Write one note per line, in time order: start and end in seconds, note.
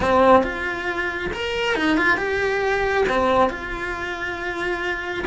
0.00 0.43 C4
0.43 1.30 F4
1.33 1.75 A#4
1.75 1.97 D#4
1.97 2.17 F4
2.17 3.04 G4
3.08 3.49 C4
3.49 5.25 F4